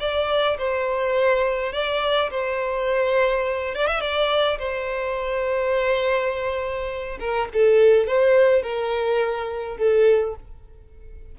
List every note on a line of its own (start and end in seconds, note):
0.00 0.58 D5
0.58 1.73 C5
1.73 2.30 D5
2.31 3.75 C5
3.75 3.87 D5
3.87 4.01 E5
4.01 4.58 D5
4.59 7.18 C5
7.20 7.49 A#4
7.54 8.07 A4
8.07 8.62 C5
8.62 9.78 A#4
9.78 10.35 A4